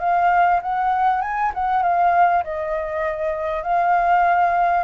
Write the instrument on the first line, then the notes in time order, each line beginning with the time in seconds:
flute
0.00 F5
0.62 F#5
1.21 G#5
1.54 F#5
1.83 F5
2.44 D#5
3.63 F5